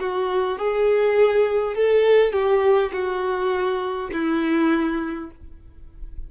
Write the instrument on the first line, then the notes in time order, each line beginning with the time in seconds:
violin
0.00 F#4
0.58 G#4
1.75 A4
2.33 G4
2.93 F#4
4.13 E4